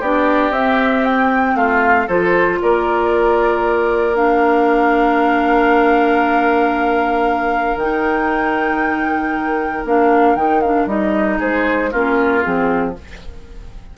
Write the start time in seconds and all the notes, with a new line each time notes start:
0.00 B3 D4 G4 D5
0.51 C4 E5
1.05 G5
1.55 A3 F4 F5
2.07 F3 F4 A4 C5
2.62 A#3 A#4 D5
4.15 D4 F5
7.76 D#3 D#4 G5
9.85 A#3 D4 F5
10.36 D#3 D#4 G5
10.61 D4 F5
10.86 G3 D#4 D#5
11.39 G#3 G#4 C5
11.91 A#3 C#4 F4 A#4
12.43 F3 C4 G#4